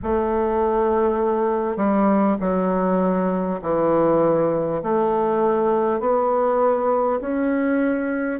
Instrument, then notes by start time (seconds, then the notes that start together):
bassoon
0.02 A3
1.76 G3
2.40 F#3
3.62 E3
4.83 A3
5.99 B3
7.20 C#4